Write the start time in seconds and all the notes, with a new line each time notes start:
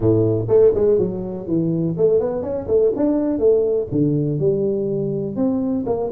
0.00 A2
0.48 A3
0.74 G#3
0.98 F#3
1.47 E3
1.97 A3
2.20 B3
2.42 C#4
2.67 A3
2.96 D4
3.38 A3
3.91 D3
4.39 G3
5.35 C4
5.86 A#3